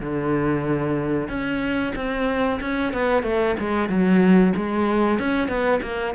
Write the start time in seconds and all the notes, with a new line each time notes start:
0.00 D3
1.28 C#4
1.95 C4
2.60 C#4
2.93 B3
3.23 A3
3.59 G#3
3.89 F#3
4.56 G#3
5.18 C#4
5.48 B3
5.82 A#3